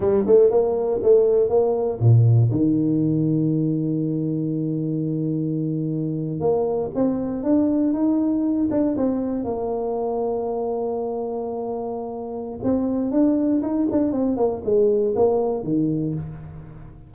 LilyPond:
\new Staff \with { instrumentName = "tuba" } { \time 4/4 \tempo 4 = 119 g8 a8 ais4 a4 ais4 | ais,4 dis2.~ | dis1~ | dis8. ais4 c'4 d'4 dis'16~ |
dis'4~ dis'16 d'8 c'4 ais4~ ais16~ | ais1~ | ais4 c'4 d'4 dis'8 d'8 | c'8 ais8 gis4 ais4 dis4 | }